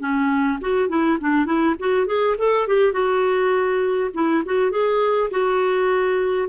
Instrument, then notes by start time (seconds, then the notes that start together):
clarinet
0.00 C#4
0.61 F#4
0.89 E4
1.21 D4
1.46 E4
1.79 F#4
2.07 G#4
2.38 A4
2.68 G4
2.93 F#4
4.14 E4
4.45 F#4
4.71 G#4
5.31 F#4